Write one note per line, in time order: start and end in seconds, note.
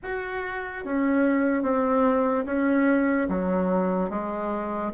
0.02 0.84 F#4
0.84 1.62 C#4
1.62 2.44 C4
2.45 3.28 C#4
3.28 4.09 F#3
4.09 4.92 G#3